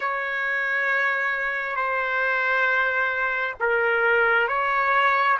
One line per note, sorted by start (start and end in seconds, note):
0.00 1.76 C#5
1.76 3.55 C5
3.60 4.48 A#4
4.48 5.37 C#5